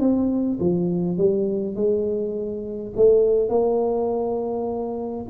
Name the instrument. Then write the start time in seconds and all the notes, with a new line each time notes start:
tuba
0.00 C4
0.60 F3
1.17 G3
1.76 G#3
2.97 A3
3.49 A#3